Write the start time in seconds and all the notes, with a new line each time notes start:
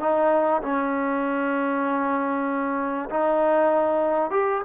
0.00 D#4
0.62 C#4
3.10 D#4
4.31 G4